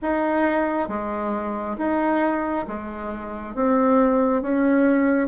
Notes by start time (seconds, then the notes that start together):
0.02 D#4
0.88 G#3
1.77 D#4
2.67 G#3
3.54 C4
4.42 C#4